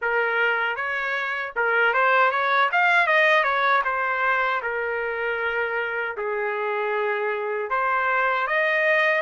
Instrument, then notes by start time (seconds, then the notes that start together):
trumpet
0.01 A#4
0.76 C#5
1.56 A#4
1.93 C5
2.31 C#5
2.71 F5
3.06 D#5
3.43 C#5
3.84 C5
4.62 A#4
6.17 G#4
7.70 C5
8.47 D#5